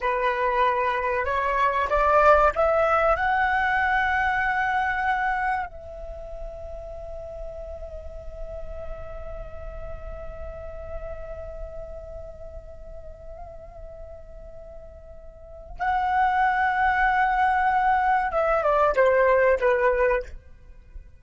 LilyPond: \new Staff \with { instrumentName = "flute" } { \time 4/4 \tempo 4 = 95 b'2 cis''4 d''4 | e''4 fis''2.~ | fis''4 e''2.~ | e''1~ |
e''1~ | e''1~ | e''4 fis''2.~ | fis''4 e''8 d''8 c''4 b'4 | }